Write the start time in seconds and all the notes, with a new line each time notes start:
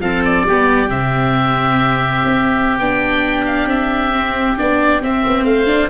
0.00 F3 C4 A4 F5
0.25 D5
0.46 G3 B3 G4
0.89 C3 C4 E5
2.25 C4
2.79 B3 D4 G5
3.46 F5
3.67 C4 E5
4.13 C4
4.58 B3 D4 D5
5.02 C4 E5
5.27 B3
5.45 A3 C5 F5
5.67 D4